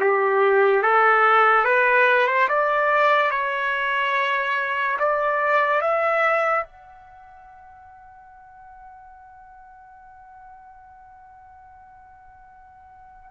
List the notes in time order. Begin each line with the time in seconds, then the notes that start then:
0.00 G4
0.83 A4
1.65 B4
2.27 C5
2.48 D5
3.31 C#5
4.99 D5
5.81 E5
6.65 F#5